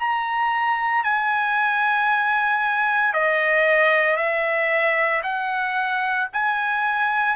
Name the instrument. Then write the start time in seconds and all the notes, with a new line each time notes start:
trumpet
0.00 A#5
1.04 G#5
3.14 D#5
4.17 E5
5.23 F#5
6.33 G#5